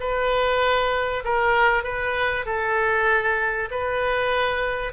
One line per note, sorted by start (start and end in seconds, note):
0.00 1.24 B4
1.24 1.83 A#4
1.83 2.45 B4
2.45 3.69 A4
3.71 4.93 B4